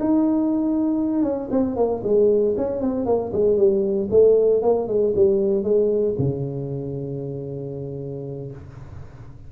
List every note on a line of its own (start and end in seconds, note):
0.00 1.23 D#4
1.23 1.49 C#4
1.51 1.76 C4
1.76 2.02 A#3
2.03 2.55 G#3
2.57 2.81 C#4
2.81 3.06 C4
3.06 3.32 A#3
3.33 3.57 G#3
3.57 4.09 G3
4.11 4.62 A3
4.62 4.88 A#3
4.88 5.13 G#3
5.16 5.63 G3
5.63 6.15 G#3
6.19 8.51 C#3